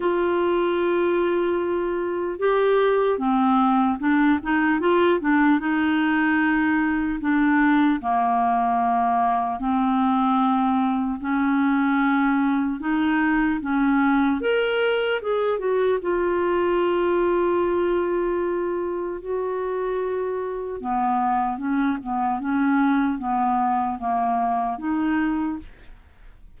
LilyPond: \new Staff \with { instrumentName = "clarinet" } { \time 4/4 \tempo 4 = 75 f'2. g'4 | c'4 d'8 dis'8 f'8 d'8 dis'4~ | dis'4 d'4 ais2 | c'2 cis'2 |
dis'4 cis'4 ais'4 gis'8 fis'8 | f'1 | fis'2 b4 cis'8 b8 | cis'4 b4 ais4 dis'4 | }